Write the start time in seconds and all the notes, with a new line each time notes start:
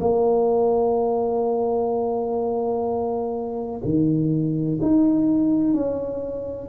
0.00 A#3
3.84 D#3
4.81 D#4
5.73 C#4